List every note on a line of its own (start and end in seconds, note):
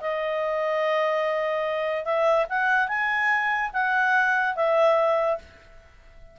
0.00 2.04 D#5
2.04 2.46 E5
2.49 2.88 F#5
2.88 3.71 G#5
3.73 4.56 F#5
4.56 5.38 E5